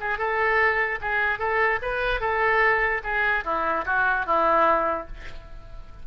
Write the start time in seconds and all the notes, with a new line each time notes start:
0.00 G#4
0.18 A4
1.01 G#4
1.39 A4
1.82 B4
2.20 A4
3.03 G#4
3.44 E4
3.85 F#4
4.26 E4